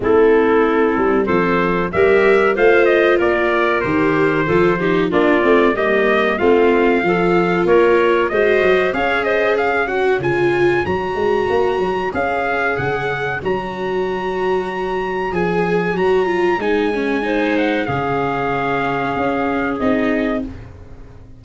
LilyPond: <<
  \new Staff \with { instrumentName = "trumpet" } { \time 4/4 \tempo 4 = 94 a'2 c''4 e''4 | f''8 dis''8 d''4 c''2 | d''4 dis''4 f''2 | cis''4 dis''4 f''8 dis''8 f''8 fis''8 |
gis''4 ais''2 f''4 | fis''4 ais''2. | gis''4 ais''4 gis''4. fis''8 | f''2. dis''4 | }
  \new Staff \with { instrumentName = "clarinet" } { \time 4/4 e'2 a'4 ais'4 | c''4 ais'2 a'8 g'8 | f'4 g'4 f'4 a'4 | ais'4 c''4 cis''8 c''8 cis''4~ |
cis''1~ | cis''1~ | cis''2. c''4 | gis'1 | }
  \new Staff \with { instrumentName = "viola" } { \time 4/4 c'2. g'4 | f'2 g'4 f'8 dis'8 | d'8 c'8 ais4 c'4 f'4~ | f'4 fis'4 gis'4. fis'8 |
f'4 fis'2 gis'4~ | gis'4 fis'2. | gis'4 fis'8 f'8 dis'8 cis'8 dis'4 | cis'2. dis'4 | }
  \new Staff \with { instrumentName = "tuba" } { \time 4/4 a4. g8 f4 g4 | a4 ais4 dis4 f4 | ais8 a8 g4 a4 f4 | ais4 gis8 fis8 cis'2 |
cis4 fis8 gis8 ais8 fis8 cis'4 | cis4 fis2. | f4 fis4 gis2 | cis2 cis'4 c'4 | }
>>